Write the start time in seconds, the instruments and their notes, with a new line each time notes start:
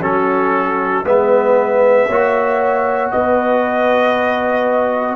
0.00 tuba F#3, trombone C#4, horn F#4, trumpet A4
1.04 tuba G#3, trombone B3, horn B4, trumpet E5
2.07 tuba A#3, trombone F#4, horn C#5
3.11 tuba B3, horn B4, trumpet D#5